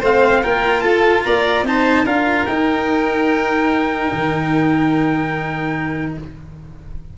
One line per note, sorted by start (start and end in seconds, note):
0.00 0.43 A3
0.00 0.43 C4
0.00 0.41 C5
0.00 0.44 F5
0.42 0.84 A#3
0.42 1.66 F4
0.42 0.83 A#4
0.42 0.81 G5
0.81 1.25 F4
0.81 1.24 A4
0.81 1.22 A5
1.24 1.63 A#3
1.24 1.67 D5
1.24 1.65 A#5
1.63 2.04 C4
1.63 2.06 D#4
1.63 2.05 C5
1.63 2.07 A5
2.05 2.46 D4
2.05 2.47 F4
2.05 6.13 A#4
2.05 2.46 F5
2.46 4.11 D#4
2.46 6.18 D#4
2.46 6.13 G5
4.12 6.17 D#3